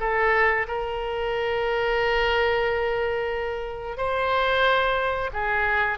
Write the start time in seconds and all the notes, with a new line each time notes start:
0.00 A4
0.67 A#4
3.97 C5
5.33 G#4